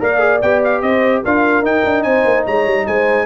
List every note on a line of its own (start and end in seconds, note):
0.00 0.42 A#3
0.00 0.19 A#4
0.00 0.82 D5
0.00 0.42 F5
0.19 0.40 G#4
0.42 0.82 B3
0.42 1.25 G4
0.42 0.62 G5
0.64 0.82 F5
0.82 1.23 C4
0.82 1.23 C5
0.82 1.23 D#5
1.24 1.62 D4
1.24 1.65 F4
1.24 2.05 A#4
1.24 1.66 F5
1.62 1.83 D#4
1.62 3.27 D#4
1.62 2.03 G5
1.85 2.05 D4
2.03 2.25 C4
2.03 2.45 C5
2.03 2.44 G#5
2.25 2.45 A#3
2.45 2.66 G#3
2.45 2.86 C#5
2.45 2.87 A#5
2.66 2.87 G3
2.87 3.27 G#3
2.87 3.27 C5
2.87 3.27 G#5